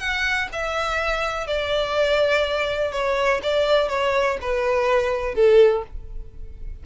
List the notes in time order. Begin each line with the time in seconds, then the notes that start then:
0.00 F#5
0.53 E5
1.47 D5
2.92 C#5
3.43 D5
3.89 C#5
4.42 B4
5.35 A4